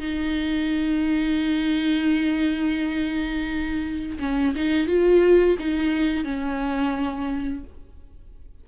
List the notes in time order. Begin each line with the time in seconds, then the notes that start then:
0.00 D#4
4.20 C#4
4.56 D#4
4.87 F4
5.59 D#4
6.25 C#4